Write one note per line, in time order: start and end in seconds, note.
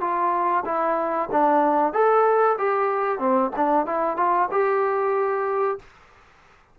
0.00 0.64 F4
0.65 1.29 E4
1.31 1.93 D4
1.93 2.57 A4
2.58 3.19 G4
3.19 3.51 C4
3.56 3.86 D4
3.86 4.17 E4
4.17 4.49 F4
4.51 5.79 G4